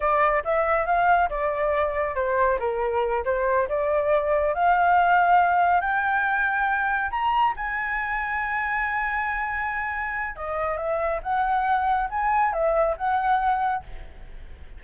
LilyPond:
\new Staff \with { instrumentName = "flute" } { \time 4/4 \tempo 4 = 139 d''4 e''4 f''4 d''4~ | d''4 c''4 ais'4. c''8~ | c''8 d''2 f''4.~ | f''4. g''2~ g''8~ |
g''8 ais''4 gis''2~ gis''8~ | gis''1 | dis''4 e''4 fis''2 | gis''4 e''4 fis''2 | }